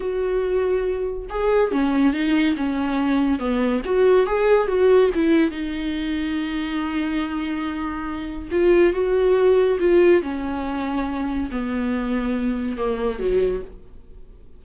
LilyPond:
\new Staff \with { instrumentName = "viola" } { \time 4/4 \tempo 4 = 141 fis'2. gis'4 | cis'4 dis'4 cis'2 | b4 fis'4 gis'4 fis'4 | e'4 dis'2.~ |
dis'1 | f'4 fis'2 f'4 | cis'2. b4~ | b2 ais4 fis4 | }